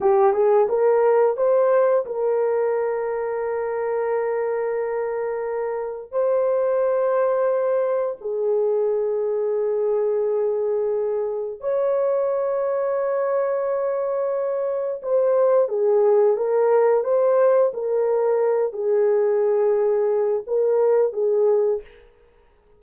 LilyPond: \new Staff \with { instrumentName = "horn" } { \time 4/4 \tempo 4 = 88 g'8 gis'8 ais'4 c''4 ais'4~ | ais'1~ | ais'4 c''2. | gis'1~ |
gis'4 cis''2.~ | cis''2 c''4 gis'4 | ais'4 c''4 ais'4. gis'8~ | gis'2 ais'4 gis'4 | }